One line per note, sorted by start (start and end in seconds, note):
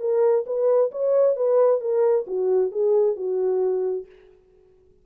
0.00 0.45 A#4
0.46 0.91 B4
0.91 1.36 C#5
1.36 1.81 B4
1.81 2.25 A#4
2.27 2.72 F#4
2.72 3.16 G#4
3.16 4.06 F#4